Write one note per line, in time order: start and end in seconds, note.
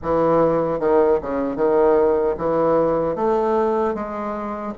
0.02 0.79 E3
0.79 1.19 D#3
1.21 1.56 C#3
1.56 2.35 D#3
2.37 3.15 E3
3.15 3.94 A3
3.94 4.73 G#3